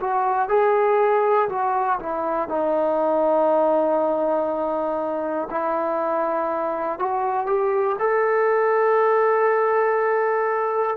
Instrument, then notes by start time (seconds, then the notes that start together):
trombone
0.00 F#4
0.49 G#4
1.50 F#4
2.00 E4
2.49 D#4
5.51 E4
6.99 F#4
7.46 G4
8.00 A4